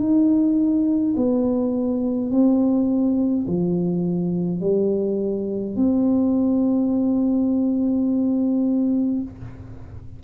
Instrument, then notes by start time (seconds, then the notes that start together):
tuba
0.00 D#4
1.16 B3
2.31 C4
3.48 F3
4.61 G3
5.76 C4